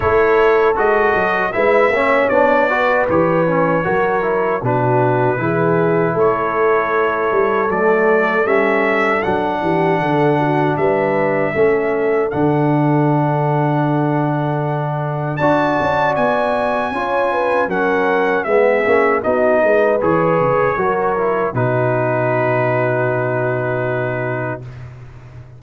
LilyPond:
<<
  \new Staff \with { instrumentName = "trumpet" } { \time 4/4 \tempo 4 = 78 cis''4 dis''4 e''4 d''4 | cis''2 b'2 | cis''2 d''4 e''4 | fis''2 e''2 |
fis''1 | a''4 gis''2 fis''4 | e''4 dis''4 cis''2 | b'1 | }
  \new Staff \with { instrumentName = "horn" } { \time 4/4 a'2 b'8 cis''4 b'8~ | b'4 ais'4 fis'4 gis'4 | a'1~ | a'8 g'8 a'8 fis'8 b'4 a'4~ |
a'1 | d''2 cis''8 b'8 ais'4 | gis'4 fis'8 b'4. ais'4 | fis'1 | }
  \new Staff \with { instrumentName = "trombone" } { \time 4/4 e'4 fis'4 e'8 cis'8 d'8 fis'8 | g'8 cis'8 fis'8 e'8 d'4 e'4~ | e'2 a4 cis'4 | d'2. cis'4 |
d'1 | fis'2 f'4 cis'4 | b8 cis'8 dis'4 gis'4 fis'8 e'8 | dis'1 | }
  \new Staff \with { instrumentName = "tuba" } { \time 4/4 a4 gis8 fis8 gis8 ais8 b4 | e4 fis4 b,4 e4 | a4. g8 fis4 g4 | fis8 e8 d4 g4 a4 |
d1 | d'8 cis'8 b4 cis'4 fis4 | gis8 ais8 b8 gis8 e8 cis8 fis4 | b,1 | }
>>